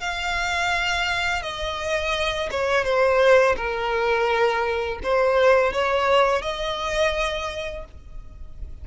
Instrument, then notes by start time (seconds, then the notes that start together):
violin
0.00 F5
1.42 D#5
2.51 C#5
2.84 C5
3.56 A#4
5.03 C5
5.73 C#5
6.42 D#5